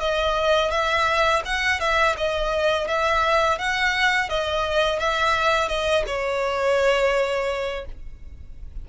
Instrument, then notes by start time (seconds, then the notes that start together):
violin
0.00 D#5
0.71 E5
1.45 F#5
1.80 E5
2.18 D#5
2.88 E5
3.58 F#5
4.29 D#5
5.00 E5
5.69 D#5
6.07 C#5